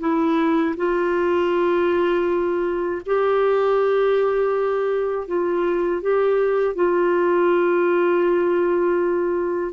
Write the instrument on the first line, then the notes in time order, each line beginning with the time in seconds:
clarinet
0.00 E4
0.77 F4
3.06 G4
5.27 F4
6.02 G4
6.75 F4